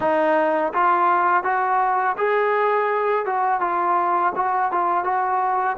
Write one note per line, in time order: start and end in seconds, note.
0.00 0.72 D#4
0.73 1.43 F4
1.43 2.16 F#4
2.17 3.25 G#4
3.25 3.60 F#4
3.60 4.32 F4
4.35 4.71 F#4
4.71 5.04 F4
5.04 5.76 F#4